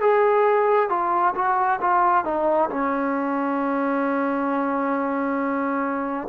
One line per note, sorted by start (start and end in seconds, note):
0.00 0.89 G#4
0.89 1.34 F4
1.35 1.80 F#4
1.80 2.24 F4
2.24 2.69 D#4
2.69 6.28 C#4